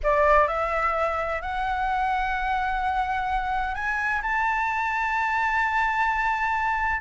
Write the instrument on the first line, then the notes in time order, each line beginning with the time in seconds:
flute
0.03 D5
0.47 E5
1.41 F#5
3.75 G#5
4.21 A5